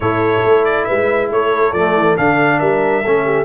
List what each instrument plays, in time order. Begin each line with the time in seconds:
0.00 tuba A2, trombone E4, horn A4, trumpet C#5
0.43 tuba A3
0.64 trumpet D5
0.84 tuba G#3, horn B4, trumpet E5
1.30 tuba A3, horn A4, trumpet C#5
1.72 tuba F3, trombone A3, trumpet D5
1.94 tuba E3
2.16 tuba D3, trombone D4, trumpet F5
2.59 tuba G3, horn A#4, trumpet E5
3.03 tuba A3, trombone C#4, horn A4
3.25 horn G4